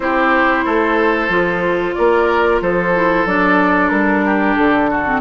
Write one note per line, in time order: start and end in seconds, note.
0.00 0.64 C4
0.00 1.29 E4
0.00 0.65 G4
0.00 1.94 C5
0.65 1.29 A3
0.65 1.95 A4
1.29 1.94 F3
1.29 2.92 F4
1.94 2.61 A#3
1.94 2.62 A#4
1.94 2.59 D5
2.61 3.25 F3
2.61 4.25 A4
2.61 3.27 C5
2.94 3.26 E4
3.25 3.90 F#3
3.25 5.05 D4
3.25 3.89 D5
3.89 4.56 G3
3.89 4.54 A#4
4.25 4.90 G4
4.55 5.20 D3
4.55 5.20 A4
4.90 5.20 F#4
5.05 5.20 C4